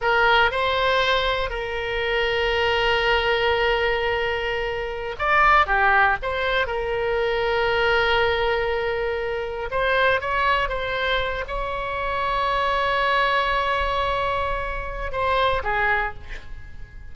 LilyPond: \new Staff \with { instrumentName = "oboe" } { \time 4/4 \tempo 4 = 119 ais'4 c''2 ais'4~ | ais'1~ | ais'2~ ais'16 d''4 g'8.~ | g'16 c''4 ais'2~ ais'8.~ |
ais'2.~ ais'16 c''8.~ | c''16 cis''4 c''4. cis''4~ cis''16~ | cis''1~ | cis''2 c''4 gis'4 | }